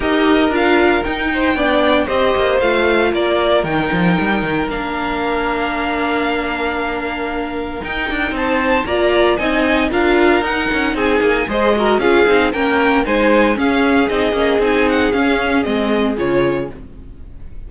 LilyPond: <<
  \new Staff \with { instrumentName = "violin" } { \time 4/4 \tempo 4 = 115 dis''4 f''4 g''2 | dis''4 f''4 d''4 g''4~ | g''4 f''2.~ | f''2. g''4 |
a''4 ais''4 gis''4 f''4 | fis''4 gis''4 dis''4 f''4 | g''4 gis''4 f''4 dis''4 | gis''8 fis''8 f''4 dis''4 cis''4 | }
  \new Staff \with { instrumentName = "violin" } { \time 4/4 ais'2~ ais'8 c''8 d''4 | c''2 ais'2~ | ais'1~ | ais'1 |
c''4 d''4 dis''4 ais'4~ | ais'4 gis'4 c''8 ais'8 gis'4 | ais'4 c''4 gis'2~ | gis'1 | }
  \new Staff \with { instrumentName = "viola" } { \time 4/4 g'4 f'4 dis'4 d'4 | g'4 f'2 dis'4~ | dis'4 d'2.~ | d'2. dis'4~ |
dis'4 f'4 dis'4 f'4 | dis'2 gis'8 fis'8 f'8 dis'8 | cis'4 dis'4 cis'4 dis'8 cis'8 | dis'4 cis'4 c'4 f'4 | }
  \new Staff \with { instrumentName = "cello" } { \time 4/4 dis'4 d'4 dis'4 b4 | c'8 ais8 a4 ais4 dis8 f8 | g8 dis8 ais2.~ | ais2. dis'8 d'8 |
c'4 ais4 c'4 d'4 | dis'8 cis'8 c'8 ais8 gis4 cis'8 c'8 | ais4 gis4 cis'4 c'8 ais8 | c'4 cis'4 gis4 cis4 | }
>>